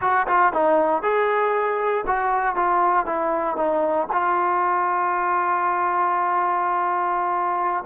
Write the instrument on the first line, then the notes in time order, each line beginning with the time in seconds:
trombone
0.01 F#4
0.27 F4
0.52 D#4
1.02 G#4
2.06 F#4
2.55 F4
3.06 E4
3.56 D#4
4.12 F4